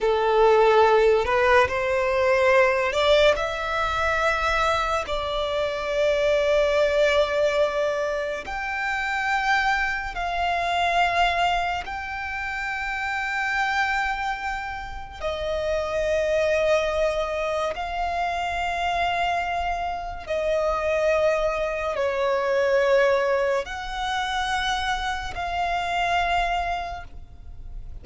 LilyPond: \new Staff \with { instrumentName = "violin" } { \time 4/4 \tempo 4 = 71 a'4. b'8 c''4. d''8 | e''2 d''2~ | d''2 g''2 | f''2 g''2~ |
g''2 dis''2~ | dis''4 f''2. | dis''2 cis''2 | fis''2 f''2 | }